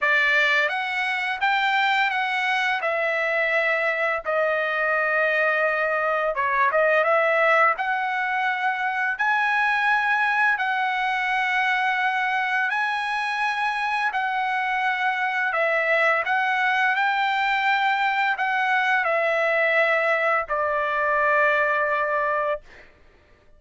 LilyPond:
\new Staff \with { instrumentName = "trumpet" } { \time 4/4 \tempo 4 = 85 d''4 fis''4 g''4 fis''4 | e''2 dis''2~ | dis''4 cis''8 dis''8 e''4 fis''4~ | fis''4 gis''2 fis''4~ |
fis''2 gis''2 | fis''2 e''4 fis''4 | g''2 fis''4 e''4~ | e''4 d''2. | }